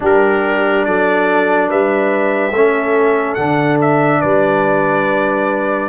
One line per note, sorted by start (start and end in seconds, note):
0.00 0.86 G3
0.00 2.52 D4
0.00 0.86 G4
0.00 0.85 A#4
0.85 1.70 F#3
0.85 1.68 A4
0.85 1.69 D5
1.68 2.51 G3
1.68 2.53 B4
1.68 3.34 E5
2.51 3.35 A3
2.51 3.37 C#4
2.51 4.21 A4
3.34 4.22 D3
3.34 5.89 D4
3.34 3.76 F#5
3.81 4.21 E5
4.21 5.89 G3
4.21 5.89 B4
4.21 5.89 D5